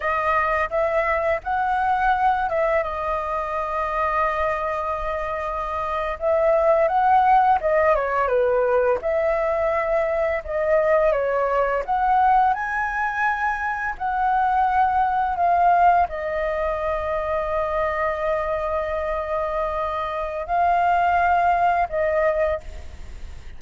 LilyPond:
\new Staff \with { instrumentName = "flute" } { \time 4/4 \tempo 4 = 85 dis''4 e''4 fis''4. e''8 | dis''1~ | dis''8. e''4 fis''4 dis''8 cis''8 b'16~ | b'8. e''2 dis''4 cis''16~ |
cis''8. fis''4 gis''2 fis''16~ | fis''4.~ fis''16 f''4 dis''4~ dis''16~ | dis''1~ | dis''4 f''2 dis''4 | }